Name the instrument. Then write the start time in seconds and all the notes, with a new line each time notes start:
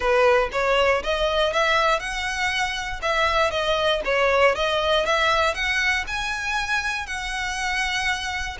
violin
0.00 B4
0.52 C#5
1.03 D#5
1.52 E5
1.99 F#5
3.02 E5
3.50 D#5
4.05 C#5
4.55 D#5
5.05 E5
5.54 F#5
6.07 G#5
7.06 F#5